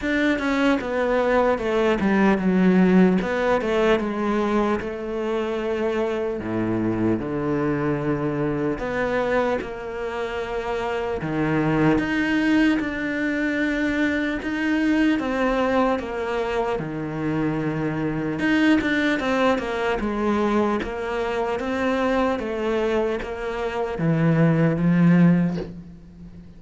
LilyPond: \new Staff \with { instrumentName = "cello" } { \time 4/4 \tempo 4 = 75 d'8 cis'8 b4 a8 g8 fis4 | b8 a8 gis4 a2 | a,4 d2 b4 | ais2 dis4 dis'4 |
d'2 dis'4 c'4 | ais4 dis2 dis'8 d'8 | c'8 ais8 gis4 ais4 c'4 | a4 ais4 e4 f4 | }